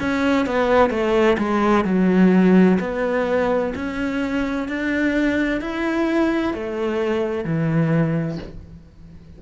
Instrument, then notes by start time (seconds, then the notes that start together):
cello
0.00 C#4
0.46 B3
0.90 A3
1.38 G#3
1.85 F#3
2.80 B3
3.75 C#4
4.69 D4
5.61 E4
6.54 A3
7.45 E3